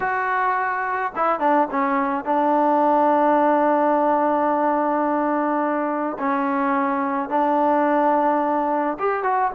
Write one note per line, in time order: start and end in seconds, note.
0.00 1.12 F#4
1.15 1.39 E4
1.39 1.67 D4
1.70 2.25 C#4
2.25 6.17 D4
6.18 7.29 C#4
7.29 8.97 D4
8.99 9.23 G4
9.23 9.51 F#4